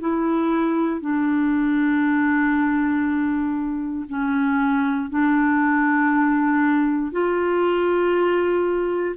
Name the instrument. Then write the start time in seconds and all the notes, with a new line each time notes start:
clarinet
0.00 E4
1.00 D4
4.09 C#4
5.09 D4
7.12 F4